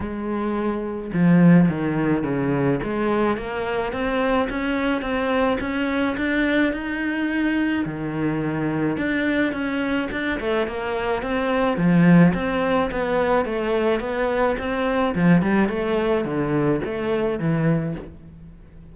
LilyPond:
\new Staff \with { instrumentName = "cello" } { \time 4/4 \tempo 4 = 107 gis2 f4 dis4 | cis4 gis4 ais4 c'4 | cis'4 c'4 cis'4 d'4 | dis'2 dis2 |
d'4 cis'4 d'8 a8 ais4 | c'4 f4 c'4 b4 | a4 b4 c'4 f8 g8 | a4 d4 a4 e4 | }